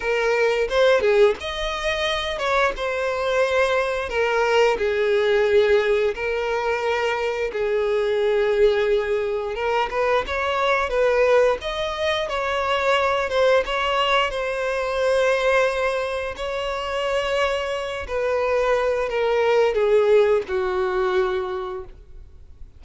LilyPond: \new Staff \with { instrumentName = "violin" } { \time 4/4 \tempo 4 = 88 ais'4 c''8 gis'8 dis''4. cis''8 | c''2 ais'4 gis'4~ | gis'4 ais'2 gis'4~ | gis'2 ais'8 b'8 cis''4 |
b'4 dis''4 cis''4. c''8 | cis''4 c''2. | cis''2~ cis''8 b'4. | ais'4 gis'4 fis'2 | }